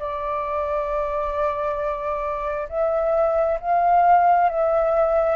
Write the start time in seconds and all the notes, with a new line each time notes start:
0.00 D5
2.69 E5
3.61 F5
4.50 E5